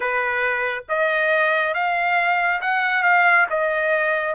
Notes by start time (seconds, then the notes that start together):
0.00 B4
0.88 D#5
1.74 F5
2.61 F#5
3.02 F5
3.50 D#5